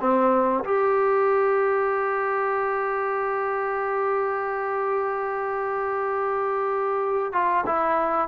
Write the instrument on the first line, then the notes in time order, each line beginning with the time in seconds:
trombone
0.00 C4
0.64 G4
7.33 F4
7.66 E4